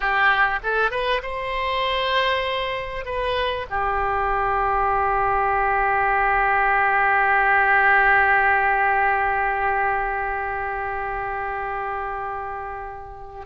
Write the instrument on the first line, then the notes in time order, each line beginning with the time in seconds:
oboe
0.00 G4
0.63 A4
0.90 B4
1.22 C5
3.05 B4
3.70 G4